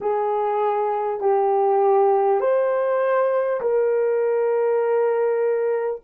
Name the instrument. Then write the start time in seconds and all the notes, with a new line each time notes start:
horn
0.00 G#4
1.20 G4
2.40 C5
3.61 A#4